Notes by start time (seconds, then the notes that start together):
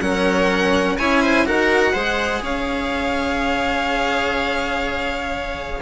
0.00 F#3 C#4 A#4 F#5
0.98 C#4 E4 C#5 G#5
1.21 C5
1.45 D#4 F#4 A#4 F#5
1.92 G#3 G#4 C5
2.41 C#4 C#5 F5